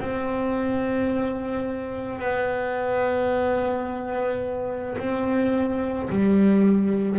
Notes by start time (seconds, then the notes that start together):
0.00 C4
2.20 B3
4.98 C4
6.10 G3